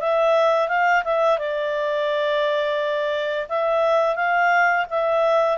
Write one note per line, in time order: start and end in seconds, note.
0.00 0.68 E5
0.68 1.03 F5
1.04 1.38 E5
1.38 3.48 D5
3.49 4.16 E5
4.16 4.86 F5
4.90 5.58 E5